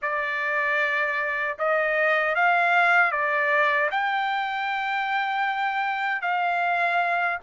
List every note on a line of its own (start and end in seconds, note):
0.01 1.57 D5
1.58 2.35 D#5
2.35 3.11 F5
3.11 3.89 D5
3.91 6.21 G5
6.21 7.38 F5